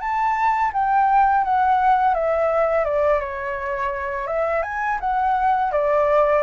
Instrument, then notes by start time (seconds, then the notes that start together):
flute
0.00 A5
0.73 G5
1.44 F#5
2.14 E5
2.84 D5
3.20 C#5
4.27 E5
4.63 G#5
5.00 F#5
5.72 D5